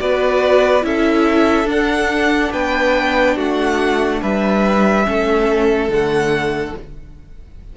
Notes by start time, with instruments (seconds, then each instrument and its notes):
0.00 cello B3, viola F#4, violin B4 D5
0.82 cello C#4, viola E4, violin A4 E5
1.65 cello D4, viola D4, violin F#5
2.53 cello B3, violin B4 G5
3.36 cello A3, violin F#4 F#5
4.22 cello G3, violin B4 E5
5.05 cello A3, viola C#4, violin A4
5.89 cello D3, viola A3, violin F#5